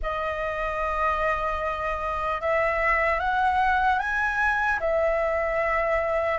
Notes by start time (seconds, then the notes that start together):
0.02 D#5
2.41 E5
3.19 F#5
3.99 G#5
4.80 E5